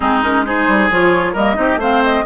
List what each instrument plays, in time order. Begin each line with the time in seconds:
0.00 bassoon G#3, clarinet C4, oboe D#4, flute G#4
0.22 clarinet C#4, flute A#4
0.45 clarinet D#4, oboe G#4, flute C5
0.67 bassoon G3
0.90 bassoon F3, clarinet F4, flute C#5
1.32 bassoon G3, clarinet A#3, oboe A#4, flute D#5
1.54 bassoon C4, clarinet D#4, oboe G4
1.76 bassoon A3, clarinet C4, oboe C5, flute F5
2.04 flute D#5